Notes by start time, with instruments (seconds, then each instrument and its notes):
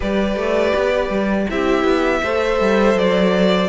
0.00 cello G3, viola G4, violin B4 D5
0.35 cello A3
0.75 cello B3
1.09 cello G3
1.50 cello C4, viola E4, violin G4 E5
1.84 cello B3
2.22 cello A3, viola A4, violin C5
2.60 cello G3
2.94 cello F#3, violin D5